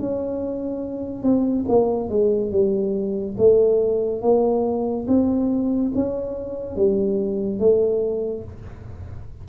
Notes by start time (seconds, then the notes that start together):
0.00 C#4
1.23 C4
1.69 A#3
2.10 G#3
2.52 G3
3.38 A3
4.22 A#3
5.08 C4
5.95 C#4
6.76 G3
7.59 A3